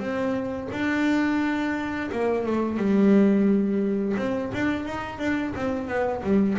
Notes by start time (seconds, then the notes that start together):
0.00 C4
0.72 D4
2.12 A#3
2.46 A3
2.78 G3
4.17 C4
4.54 D4
4.86 D#4
5.19 D4
5.56 C4
5.88 B3
6.24 G3